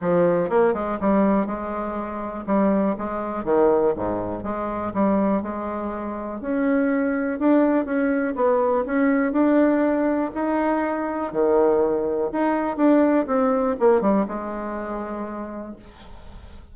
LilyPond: \new Staff \with { instrumentName = "bassoon" } { \time 4/4 \tempo 4 = 122 f4 ais8 gis8 g4 gis4~ | gis4 g4 gis4 dis4 | gis,4 gis4 g4 gis4~ | gis4 cis'2 d'4 |
cis'4 b4 cis'4 d'4~ | d'4 dis'2 dis4~ | dis4 dis'4 d'4 c'4 | ais8 g8 gis2. | }